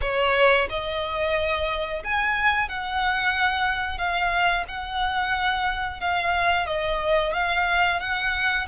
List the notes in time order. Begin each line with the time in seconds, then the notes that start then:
0.01 C#5
0.69 D#5
2.04 G#5
2.68 F#5
3.98 F5
4.68 F#5
6.00 F5
6.66 D#5
7.33 F5
8.00 F#5